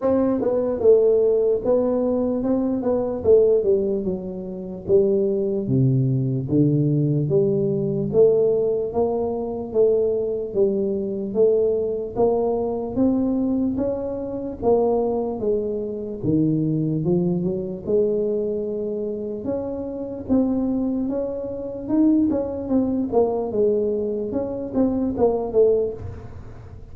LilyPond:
\new Staff \with { instrumentName = "tuba" } { \time 4/4 \tempo 4 = 74 c'8 b8 a4 b4 c'8 b8 | a8 g8 fis4 g4 c4 | d4 g4 a4 ais4 | a4 g4 a4 ais4 |
c'4 cis'4 ais4 gis4 | dis4 f8 fis8 gis2 | cis'4 c'4 cis'4 dis'8 cis'8 | c'8 ais8 gis4 cis'8 c'8 ais8 a8 | }